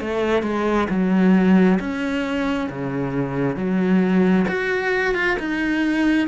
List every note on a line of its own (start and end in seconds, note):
0.00 0.42 A3
0.42 0.87 G#3
0.89 1.79 F#3
1.80 2.69 C#4
2.69 3.56 C#3
3.56 4.45 F#3
4.48 5.15 F#4
5.15 5.37 F4
5.39 6.28 D#4